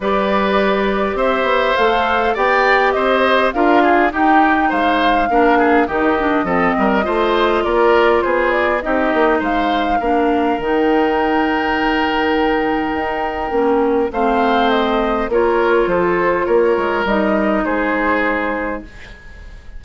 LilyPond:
<<
  \new Staff \with { instrumentName = "flute" } { \time 4/4 \tempo 4 = 102 d''2 e''4 f''4 | g''4 dis''4 f''4 g''4 | f''2 dis''2~ | dis''4 d''4 c''8 d''8 dis''4 |
f''2 g''2~ | g''1 | f''4 dis''4 cis''4 c''4 | cis''4 dis''4 c''2 | }
  \new Staff \with { instrumentName = "oboe" } { \time 4/4 b'2 c''2 | d''4 c''4 ais'8 gis'8 g'4 | c''4 ais'8 gis'8 g'4 a'8 ais'8 | c''4 ais'4 gis'4 g'4 |
c''4 ais'2.~ | ais'1 | c''2 ais'4 a'4 | ais'2 gis'2 | }
  \new Staff \with { instrumentName = "clarinet" } { \time 4/4 g'2. a'4 | g'2 f'4 dis'4~ | dis'4 d'4 dis'8 d'8 c'4 | f'2. dis'4~ |
dis'4 d'4 dis'2~ | dis'2. cis'4 | c'2 f'2~ | f'4 dis'2. | }
  \new Staff \with { instrumentName = "bassoon" } { \time 4/4 g2 c'8 b8 a4 | b4 c'4 d'4 dis'4 | gis4 ais4 dis4 f8 g8 | a4 ais4 b4 c'8 ais8 |
gis4 ais4 dis2~ | dis2 dis'4 ais4 | a2 ais4 f4 | ais8 gis8 g4 gis2 | }
>>